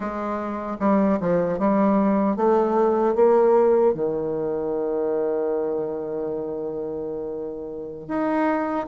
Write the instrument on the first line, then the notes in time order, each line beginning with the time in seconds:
bassoon
0.00 G#3
0.79 G3
1.20 F3
1.59 G3
2.36 A3
3.15 A#3
3.94 D#3
8.07 D#4